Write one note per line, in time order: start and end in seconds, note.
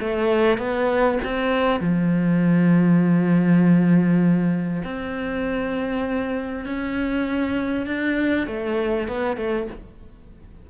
0.00 0.58 A3
0.58 1.19 B3
1.24 1.80 C4
1.80 4.83 F3
4.84 6.66 C4
6.66 7.87 C#4
7.87 8.47 D4
8.47 9.08 A3
9.08 9.37 B3
9.37 9.67 A3